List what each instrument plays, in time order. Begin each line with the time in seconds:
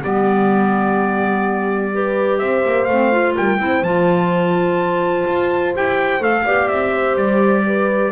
0.00 double bass G3, clarinet B3, horn G4, trumpet D5
1.93 clarinet G4, horn B4
2.38 double bass C4, horn C5, trumpet E5
2.65 double bass A#3
2.84 double bass A3, trumpet F5
2.91 clarinet C4
3.11 clarinet F4
3.35 double bass G3, horn A#4, trumpet G5
3.58 double bass C4, clarinet E4, horn C5
3.82 double bass F3, clarinet F4, trumpet A5
5.27 double bass F4
5.75 double bass E4, clarinet G4, trumpet G5
6.20 double bass A3, clarinet A4, trumpet F5
6.44 double bass B3, clarinet G4, horn D5
6.68 double bass C4, trumpet E5
6.92 horn C5
7.15 double bass G3, trumpet D5
7.66 horn B4